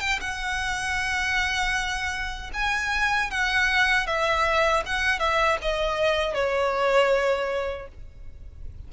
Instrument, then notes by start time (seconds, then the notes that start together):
violin
0.00 G5
0.20 F#5
2.53 G#5
3.30 F#5
4.06 E5
4.85 F#5
5.19 E5
5.62 D#5
6.34 C#5